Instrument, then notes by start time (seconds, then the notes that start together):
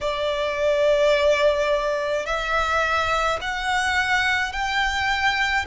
violin
0.01 D5
2.25 E5
3.41 F#5
4.52 G5